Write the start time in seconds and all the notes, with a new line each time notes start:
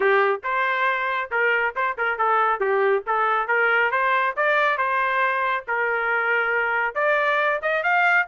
0.00 G4
0.43 C5
1.31 A#4
1.75 C5
1.97 A#4
2.17 A4
2.59 G4
3.06 A4
3.47 A#4
3.91 C5
4.36 D5
4.77 C5
5.67 A#4
6.95 D5
7.61 D#5
7.83 F5